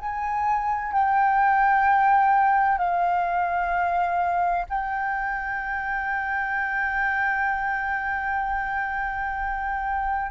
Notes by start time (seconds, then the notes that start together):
0.00 G#5
0.93 G5
2.79 F5
4.70 G5